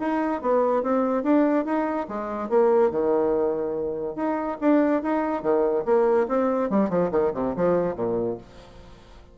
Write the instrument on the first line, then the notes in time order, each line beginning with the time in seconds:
bassoon
0.00 D#4
0.42 B3
0.83 C4
1.24 D4
1.65 D#4
2.09 G#3
2.50 A#3
2.91 D#3
4.16 D#4
4.61 D4
5.03 D#4
5.43 D#3
5.86 A#3
6.29 C4
6.70 G3
6.90 F3
7.11 D#3
7.34 C3
7.56 F3
7.96 A#2